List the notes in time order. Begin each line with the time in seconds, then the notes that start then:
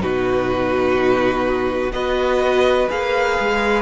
0.00 B2 D#4 F#4 B4
1.92 B3 F#4 B4 D#5
2.89 A#3 G#4 F5
3.40 G#3